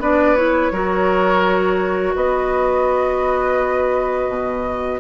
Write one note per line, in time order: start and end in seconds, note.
0.00 0.71 B3
0.00 0.36 D4
0.00 0.72 B4
0.00 0.36 D5
0.36 0.72 E4
0.36 2.15 C#5
0.72 2.14 F#3
0.72 5.00 F#4
0.72 2.16 A#4
2.15 4.28 B3
2.15 5.00 B4
2.15 5.00 D#5
4.28 5.00 B2